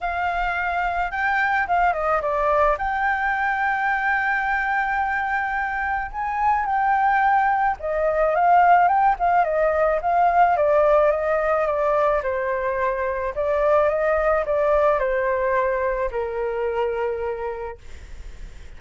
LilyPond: \new Staff \with { instrumentName = "flute" } { \time 4/4 \tempo 4 = 108 f''2 g''4 f''8 dis''8 | d''4 g''2.~ | g''2. gis''4 | g''2 dis''4 f''4 |
g''8 f''8 dis''4 f''4 d''4 | dis''4 d''4 c''2 | d''4 dis''4 d''4 c''4~ | c''4 ais'2. | }